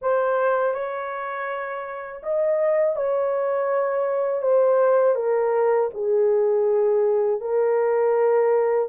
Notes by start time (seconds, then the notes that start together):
0.01 C5
0.73 C#5
2.22 D#5
2.96 C#5
4.41 C5
5.15 A#4
5.94 G#4
7.40 A#4